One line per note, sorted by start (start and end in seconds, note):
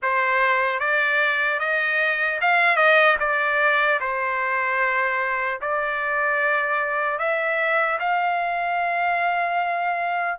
0.02 0.79 C5
0.79 1.59 D5
1.59 2.39 D#5
2.41 2.76 F5
2.76 3.16 D#5
3.19 3.99 D5
4.00 5.60 C5
5.61 7.18 D5
7.18 7.98 E5
7.99 10.39 F5